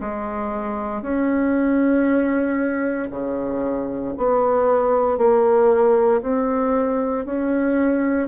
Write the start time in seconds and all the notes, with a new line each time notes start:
0.00 G#3
1.02 C#4
3.10 C#3
4.17 B3
5.18 A#3
6.22 C4
7.25 C#4